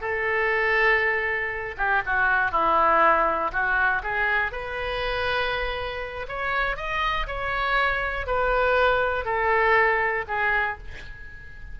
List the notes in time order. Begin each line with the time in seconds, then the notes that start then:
0.00 A4
1.77 G4
2.05 F#4
2.51 E4
3.52 F#4
4.02 G#4
4.51 B4
6.28 C#5
6.76 D#5
7.27 C#5
8.26 B4
9.25 A4
10.27 G#4